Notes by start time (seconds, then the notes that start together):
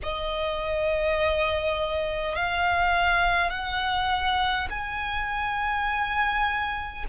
0.02 D#5
2.35 F5
3.50 F#5
4.70 G#5